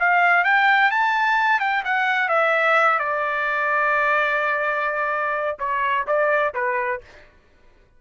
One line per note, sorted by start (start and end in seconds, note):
0.00 0.44 F5
0.44 0.91 G5
0.91 1.60 A5
1.60 1.83 G5
1.85 2.29 F#5
2.29 2.99 E5
2.99 5.57 D5
5.59 6.06 C#5
6.07 6.54 D5
6.54 7.01 B4